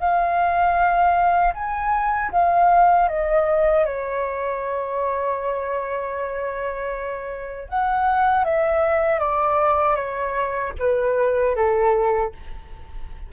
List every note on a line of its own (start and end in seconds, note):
0.00 1.54 F5
1.55 2.31 G#5
2.32 3.09 F5
3.09 3.86 D#5
3.86 7.69 C#5
7.69 8.45 F#5
8.45 9.20 E5
9.20 9.96 D5
9.96 10.73 C#5
10.79 11.56 B4
11.56 12.33 A4